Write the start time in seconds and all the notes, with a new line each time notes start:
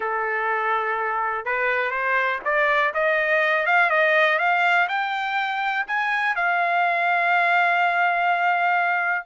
0.00 A4
1.45 B4
1.90 C5
2.44 D5
2.94 D#5
3.65 F5
3.90 D#5
4.38 F5
4.88 G5
5.87 G#5
6.35 F5